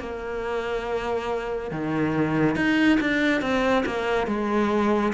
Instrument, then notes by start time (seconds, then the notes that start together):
cello
0.00 A#3
1.71 D#3
2.56 D#4
3.00 D4
3.42 C4
3.86 A#3
4.27 G#3